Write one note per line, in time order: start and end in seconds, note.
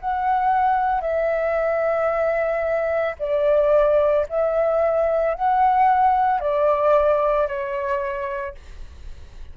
0.00 1.01 F#5
1.01 3.15 E5
3.19 4.26 D5
4.29 5.34 E5
5.34 6.40 F#5
6.40 7.47 D5
7.47 8.54 C#5